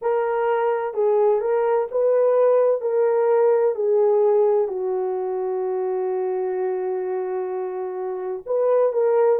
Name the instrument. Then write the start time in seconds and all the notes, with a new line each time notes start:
horn
0.01 A#4
0.94 G#4
1.40 A#4
1.90 B4
2.81 A#4
3.75 G#4
4.67 F#4
8.46 B4
8.93 A#4